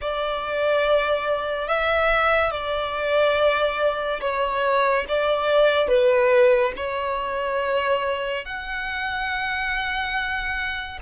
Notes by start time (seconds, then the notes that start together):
0.01 D5
1.67 E5
2.51 D5
4.20 C#5
5.08 D5
5.88 B4
6.76 C#5
8.45 F#5